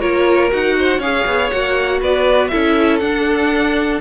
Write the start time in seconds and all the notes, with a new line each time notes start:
0.00 A#3 F4 A#4 C#5
0.50 D#4 F#4 F#5
0.79 C5
0.98 C#4 G#4 C#5 F5
1.26 B3
1.50 A#3 F#4 F#5
2.01 B3 B4 D5
2.48 C#4 E4 A4 E5
2.99 D4 F#5